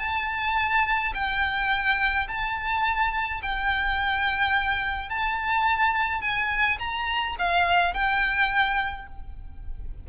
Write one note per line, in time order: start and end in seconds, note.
0.00 1.13 A5
1.15 2.28 G5
2.28 3.41 A5
3.43 5.10 G5
5.10 6.22 A5
6.22 6.78 G#5
6.80 7.36 A#5
7.39 7.95 F5
7.95 9.08 G5